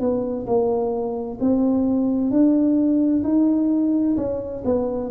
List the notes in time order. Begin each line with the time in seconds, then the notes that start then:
0.00 B3
0.47 A#3
1.41 C4
2.31 D4
3.24 D#4
4.17 C#4
4.65 B3